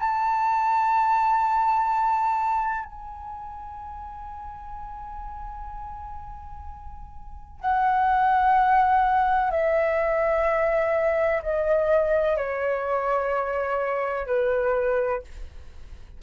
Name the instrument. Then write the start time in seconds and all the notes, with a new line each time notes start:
flute
0.00 A5
2.86 G#5
7.61 F#5
9.52 E5
11.43 D#5
12.37 C#5
14.27 B4